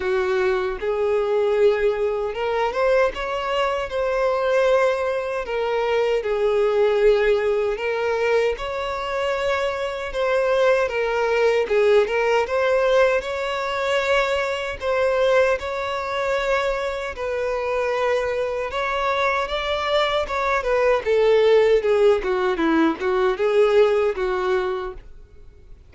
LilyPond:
\new Staff \with { instrumentName = "violin" } { \time 4/4 \tempo 4 = 77 fis'4 gis'2 ais'8 c''8 | cis''4 c''2 ais'4 | gis'2 ais'4 cis''4~ | cis''4 c''4 ais'4 gis'8 ais'8 |
c''4 cis''2 c''4 | cis''2 b'2 | cis''4 d''4 cis''8 b'8 a'4 | gis'8 fis'8 e'8 fis'8 gis'4 fis'4 | }